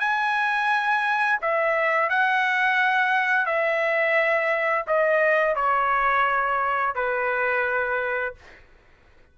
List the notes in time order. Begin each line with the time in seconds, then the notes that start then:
0.00 G#5
1.42 E5
2.10 F#5
3.46 E5
4.87 D#5
5.56 C#5
6.95 B4